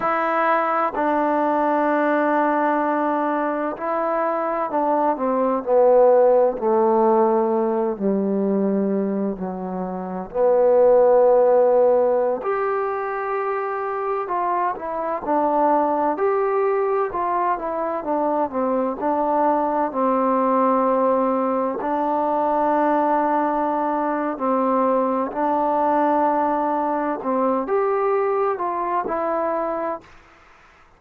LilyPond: \new Staff \with { instrumentName = "trombone" } { \time 4/4 \tempo 4 = 64 e'4 d'2. | e'4 d'8 c'8 b4 a4~ | a8 g4. fis4 b4~ | b4~ b16 g'2 f'8 e'16~ |
e'16 d'4 g'4 f'8 e'8 d'8 c'16~ | c'16 d'4 c'2 d'8.~ | d'2 c'4 d'4~ | d'4 c'8 g'4 f'8 e'4 | }